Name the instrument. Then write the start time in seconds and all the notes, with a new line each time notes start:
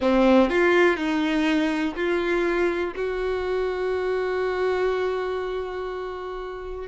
violin
0.00 C4
0.49 F4
0.96 D#4
1.95 F4
2.95 F#4